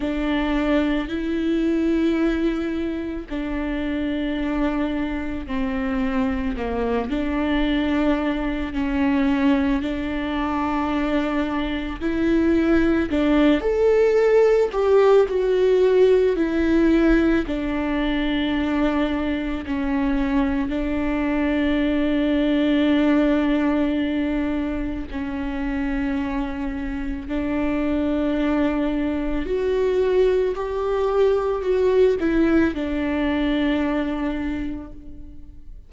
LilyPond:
\new Staff \with { instrumentName = "viola" } { \time 4/4 \tempo 4 = 55 d'4 e'2 d'4~ | d'4 c'4 ais8 d'4. | cis'4 d'2 e'4 | d'8 a'4 g'8 fis'4 e'4 |
d'2 cis'4 d'4~ | d'2. cis'4~ | cis'4 d'2 fis'4 | g'4 fis'8 e'8 d'2 | }